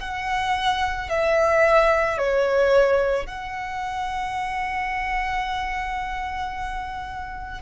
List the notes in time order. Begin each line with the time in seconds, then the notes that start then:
0.00 F#5
1.10 E5
2.18 C#5
3.27 F#5